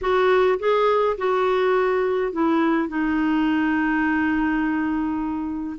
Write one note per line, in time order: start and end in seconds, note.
0.01 0.58 F#4
0.59 1.16 G#4
1.17 2.32 F#4
2.32 2.88 E4
2.88 5.77 D#4